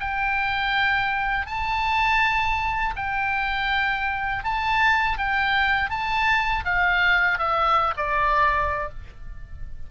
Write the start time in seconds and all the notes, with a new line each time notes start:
0.00 G5
1.46 A5
2.96 G5
4.44 A5
5.18 G5
5.90 A5
6.65 F5
7.39 E5
7.97 D5